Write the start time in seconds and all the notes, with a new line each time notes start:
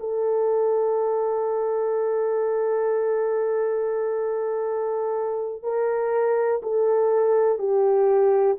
0.00 A4
5.63 A#4
6.63 A4
7.59 G4